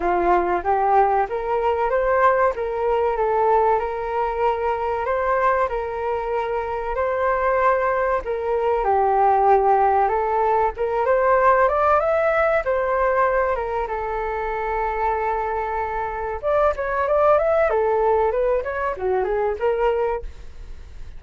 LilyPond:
\new Staff \with { instrumentName = "flute" } { \time 4/4 \tempo 4 = 95 f'4 g'4 ais'4 c''4 | ais'4 a'4 ais'2 | c''4 ais'2 c''4~ | c''4 ais'4 g'2 |
a'4 ais'8 c''4 d''8 e''4 | c''4. ais'8 a'2~ | a'2 d''8 cis''8 d''8 e''8 | a'4 b'8 cis''8 fis'8 gis'8 ais'4 | }